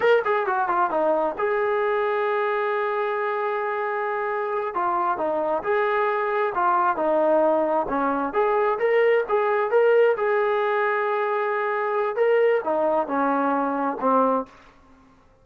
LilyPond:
\new Staff \with { instrumentName = "trombone" } { \time 4/4 \tempo 4 = 133 ais'8 gis'8 fis'8 f'8 dis'4 gis'4~ | gis'1~ | gis'2~ gis'8 f'4 dis'8~ | dis'8 gis'2 f'4 dis'8~ |
dis'4. cis'4 gis'4 ais'8~ | ais'8 gis'4 ais'4 gis'4.~ | gis'2. ais'4 | dis'4 cis'2 c'4 | }